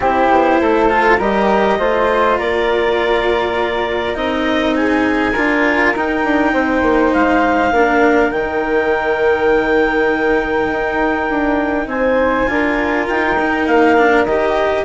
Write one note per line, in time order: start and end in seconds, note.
0.00 0.27 C4
0.00 0.89 E4
0.00 0.59 G4
0.00 1.20 C5
0.30 0.60 B3
0.61 1.19 A3
0.61 1.18 A4
0.89 1.19 F4
1.18 1.78 G3
1.18 1.79 G4
1.18 1.77 A#4
1.18 2.39 D#5
1.79 2.38 A3
1.79 4.14 F4
1.79 2.38 C5
2.38 4.15 A#3
2.38 4.76 A#4
2.38 4.16 D5
4.14 5.34 C4
4.14 5.33 D#4
4.14 4.75 D#5
4.75 5.32 G#4
4.75 5.94 G#5
5.32 5.95 D4
5.32 5.95 F4
5.32 6.51 A#4
5.95 6.24 D#4
5.95 7.74 D#4
5.95 7.13 G5
6.24 6.53 D4
6.53 6.81 C4
6.53 7.71 C5
6.81 7.11 A#3
7.13 7.71 G#3
7.13 8.31 F5
7.71 8.30 A#3
7.71 8.32 D4
7.71 11.87 A#4
8.31 10.69 D#3
8.31 12.47 D#4
8.31 11.88 G5
10.71 11.29 D#4
11.29 11.86 D4
11.86 12.46 C4
11.86 12.49 C5
11.86 13.07 G#5
12.47 13.07 D4
12.47 13.36 F4
12.47 14.84 A#4
13.08 13.66 D#4
13.08 13.67 G5
13.39 13.97 D#4
13.66 14.25 A#3
13.66 14.25 F5
13.97 14.26 D4
14.25 14.84 D#3
14.25 14.84 G4
14.25 14.84 D#5